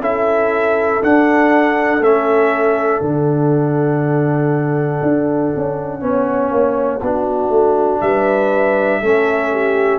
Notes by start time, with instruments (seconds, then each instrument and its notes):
0.00 tuba C#4, trombone E4, horn A4, trumpet E5
1.01 trombone D4, tuba D4, trumpet F#5
2.00 tuba A3, trombone C#4, trumpet E5
3.01 tuba D3, trombone D4, trumpet F#5
5.02 tuba D4
5.56 tuba C#4
6.00 tuba B3, trombone C#4, horn C#5
6.51 tuba A#3
7.01 tuba B3, trombone D4, horn F#4
7.49 tuba A3
8.00 tuba G3, horn B4, trumpet E5
9.00 tuba A3, trombone C#4, horn A4
9.51 horn G4